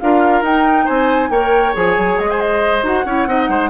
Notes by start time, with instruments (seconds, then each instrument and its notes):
0.00 bassoon D4, clarinet F4, oboe A#4, flute F5
0.42 bassoon D#4, clarinet D#4, flute G5
0.85 bassoon C4, oboe C5, flute G#5
1.30 bassoon A#3, clarinet A#4, oboe C#5, flute G5
1.74 bassoon F3, clarinet G#4, flute G#5
1.98 bassoon F#3
2.19 bassoon G#3, flute D#5
2.30 oboe C5, flute G#5
2.41 flute D#5
2.83 bassoon D#4, clarinet F#4, flute F#5
3.05 bassoon C#4, clarinet E4, oboe C#5
3.27 bassoon C4, clarinet D#4, oboe D#5
3.49 bassoon G#3, oboe C5